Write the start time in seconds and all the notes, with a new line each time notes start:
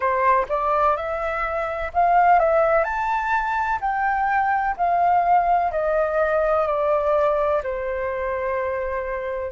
0.00 C5
0.48 D5
0.96 E5
1.93 F5
2.39 E5
2.84 A5
3.81 G5
4.77 F5
5.71 D#5
6.66 D5
7.63 C5